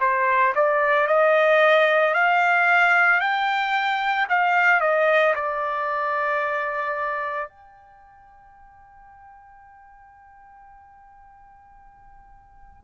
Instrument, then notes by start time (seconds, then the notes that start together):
trumpet
0.00 C5
0.55 D5
1.07 D#5
2.14 F5
3.20 G5
4.29 F5
4.80 D#5
5.35 D5
7.49 G5